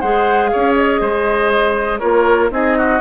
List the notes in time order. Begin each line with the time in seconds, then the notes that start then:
0.00 G#3 G#4 C5 F#5
0.47 C#5 F5
0.55 C#4
0.75 D#5
1.00 G#3 C5
1.99 A#3 F4 A#4 C#5
2.50 C4 D#4 G#4 D#5
2.77 F#4